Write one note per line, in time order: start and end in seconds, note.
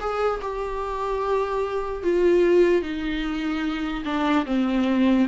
0.00 0.41 G#4
0.42 2.03 G4
2.03 2.82 F4
2.82 4.04 D#4
4.05 4.45 D4
4.46 5.27 C4